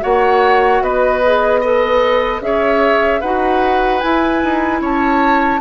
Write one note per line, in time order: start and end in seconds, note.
0.00 0.81 A#3
0.00 1.20 F#4
0.00 0.83 C#5
0.00 0.83 F#5
0.81 2.41 B3
0.81 1.60 B4
0.81 1.63 D#5
1.25 1.62 G#4
1.60 2.41 A4
1.60 2.41 B4
1.60 2.40 D#5
2.41 3.21 C#4
2.41 3.21 G#4
2.41 3.20 C#5
2.41 3.21 E5
3.20 4.03 D#4
3.20 4.01 F#4
3.20 4.80 B4
3.20 4.00 F#5
4.00 5.60 E4
4.00 4.43 E4
4.00 4.80 G#5
4.43 4.81 D#4
4.81 5.60 C#4
4.81 5.60 C#5
4.81 5.60 A5